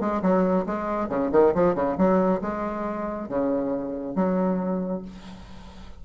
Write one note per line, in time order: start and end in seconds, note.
0.00 0.22 G#3
0.22 0.66 F#3
0.66 1.09 G#3
1.09 1.31 C#3
1.32 1.54 D#3
1.55 1.75 F3
1.75 1.97 C#3
1.98 2.41 F#3
2.42 3.28 G#3
3.28 4.15 C#3
4.15 5.02 F#3